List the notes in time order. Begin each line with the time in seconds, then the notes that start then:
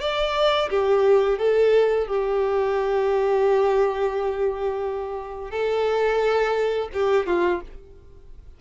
0.00 D5
0.69 G4
1.38 A4
2.07 G4
5.50 A4
6.93 G4
7.26 F4